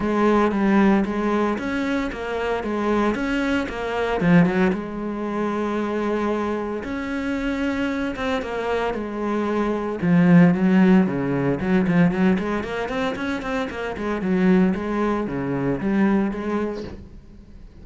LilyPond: \new Staff \with { instrumentName = "cello" } { \time 4/4 \tempo 4 = 114 gis4 g4 gis4 cis'4 | ais4 gis4 cis'4 ais4 | f8 fis8 gis2.~ | gis4 cis'2~ cis'8 c'8 |
ais4 gis2 f4 | fis4 cis4 fis8 f8 fis8 gis8 | ais8 c'8 cis'8 c'8 ais8 gis8 fis4 | gis4 cis4 g4 gis4 | }